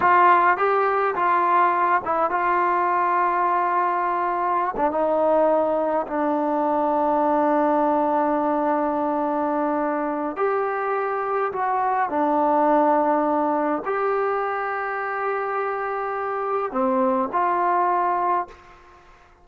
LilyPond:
\new Staff \with { instrumentName = "trombone" } { \time 4/4 \tempo 4 = 104 f'4 g'4 f'4. e'8 | f'1~ | f'16 d'16 dis'2 d'4.~ | d'1~ |
d'2 g'2 | fis'4 d'2. | g'1~ | g'4 c'4 f'2 | }